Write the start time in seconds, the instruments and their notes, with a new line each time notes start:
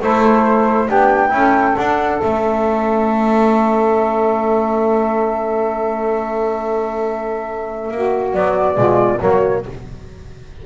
0.00 double bass A3, trombone E4, saxophone A4, flute C5
0.86 double bass B3, trombone D4, saxophone G4, flute G5
1.29 double bass C#4, trombone E4
1.36 saxophone A4
1.76 double bass D4, trombone D4, flute F#5
2.19 double bass A3, trombone C#4, flute E5
7.91 double bass A#3, saxophone F#4
8.33 trombone F#3, double bass B3, flute D5
8.75 double bass B2, trombone G#3, saxophone F4
9.19 double bass F#3, trombone A#3, saxophone F#4, flute C#5